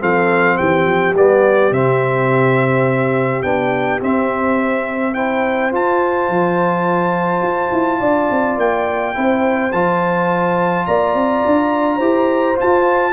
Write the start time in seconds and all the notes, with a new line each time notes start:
0.00 F3 C4 A4 F5
0.57 E3 G4 G5
0.86 F3
1.15 G3 B3 D5
1.72 C3 C4 E5
3.43 B3 D4 G5
4.01 C4 E5
5.14 E4 C5 G5
5.72 F4 A5
6.29 F3
7.42 F4
7.72 E4
8.00 D4 D5
8.31 C4
8.58 A#3 G5
9.15 C4 E4 C5
9.72 F3 F4 A5
10.87 A#3 D5 A#5
11.15 C4
11.46 D4
11.97 E4 G4 C5
12.56 F4 A5
12.63 F4